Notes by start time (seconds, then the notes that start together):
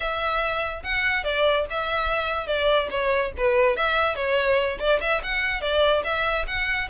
0.00 E5
0.83 F#5
1.24 D5
1.70 E5
2.46 D5
2.90 C#5
3.37 B4
3.76 E5
4.15 C#5
4.79 D5
5.00 E5
5.23 F#5
5.61 D5
6.04 E5
6.47 F#5